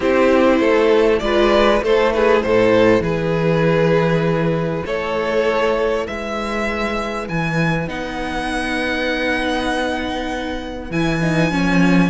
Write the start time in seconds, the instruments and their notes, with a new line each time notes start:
0.00 cello C4, viola E4, violin G4 C5
0.60 cello A3, violin A4
1.19 cello G#3, viola F4, violin B4 D5
1.81 cello A3, viola E4, violin A4 C5
2.12 violin G#4 B4
2.41 cello A2, violin A4 C5
3.00 cello E3, violin G#4 B4
4.85 cello A3, violin A4 C#5
6.05 cello G#3, violin B4 E5
7.28 cello E3, violin G#5
7.87 cello B3, viola D#4, violin F#5
10.90 cello E3, viola E4, violin G#5
11.21 viola D#4
11.51 cello F3, viola C#4